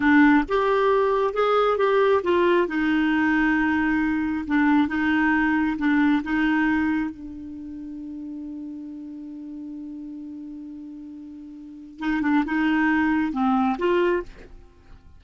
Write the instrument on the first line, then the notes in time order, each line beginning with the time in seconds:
clarinet
0.00 D4
0.48 G4
1.33 G#4
1.77 G4
2.23 F4
2.67 D#4
4.47 D4
4.88 D#4
5.77 D4
6.23 D#4
7.10 D4
11.99 D#4
12.21 D4
12.45 D#4
13.32 C4
13.78 F4